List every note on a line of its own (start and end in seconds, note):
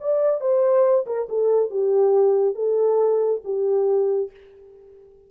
0.00 0.40 D5
0.40 1.05 C5
1.06 1.28 A#4
1.29 1.70 A4
1.70 2.55 G4
2.55 3.41 A4
3.44 4.30 G4